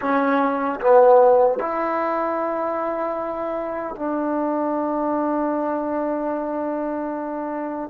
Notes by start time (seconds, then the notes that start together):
0.01 C#4
0.80 B3
1.59 E4
3.95 D4